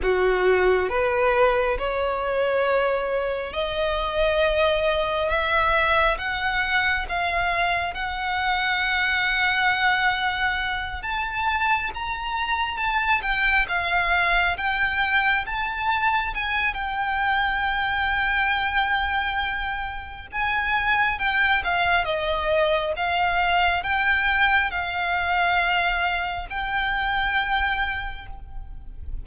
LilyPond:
\new Staff \with { instrumentName = "violin" } { \time 4/4 \tempo 4 = 68 fis'4 b'4 cis''2 | dis''2 e''4 fis''4 | f''4 fis''2.~ | fis''8 a''4 ais''4 a''8 g''8 f''8~ |
f''8 g''4 a''4 gis''8 g''4~ | g''2. gis''4 | g''8 f''8 dis''4 f''4 g''4 | f''2 g''2 | }